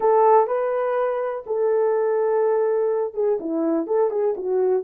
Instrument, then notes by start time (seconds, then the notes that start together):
horn
0.00 A4
0.47 B4
1.46 A4
3.14 G#4
3.40 E4
3.86 A4
4.10 G#4
4.37 F#4